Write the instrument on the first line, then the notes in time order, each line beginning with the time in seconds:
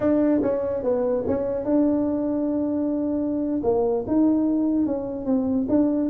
tuba
0.00 D4
0.42 C#4
0.83 B3
1.27 C#4
1.64 D4
3.63 A#3
4.07 D#4
4.86 C#4
5.25 C4
5.68 D4